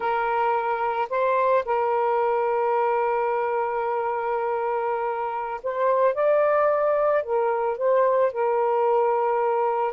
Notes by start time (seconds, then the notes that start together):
0.00 A#4
1.09 C5
1.65 A#4
5.63 C5
6.14 D5
7.23 A#4
7.77 C5
8.32 A#4